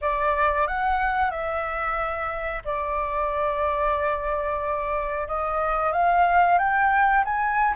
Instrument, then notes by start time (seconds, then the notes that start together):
flute
0.01 D5
0.67 F#5
1.30 E5
2.64 D5
5.27 D#5
5.92 F5
6.58 G5
7.24 G#5